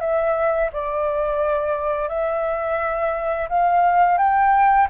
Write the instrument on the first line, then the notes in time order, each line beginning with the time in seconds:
flute
0.00 E5
0.72 D5
2.08 E5
3.49 F5
4.17 G5